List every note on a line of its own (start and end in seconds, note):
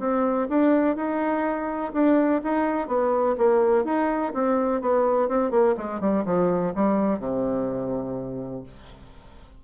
0.00 0.48 C4
0.50 0.96 D4
0.96 1.92 D#4
1.94 2.42 D4
2.44 2.88 D#4
2.88 3.36 B3
3.38 3.85 A#3
3.85 4.33 D#4
4.34 4.82 C4
4.82 5.29 B3
5.29 5.51 C4
5.51 5.75 A#3
5.77 6.00 G#3
6.00 6.24 G3
6.26 6.74 F3
6.75 7.19 G3
7.19 8.63 C3